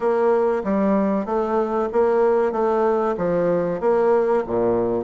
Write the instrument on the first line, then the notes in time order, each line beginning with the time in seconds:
bassoon
0.00 A#3
0.64 G3
1.25 A3
1.92 A#3
2.51 A3
3.17 F3
3.80 A#3
4.47 A#2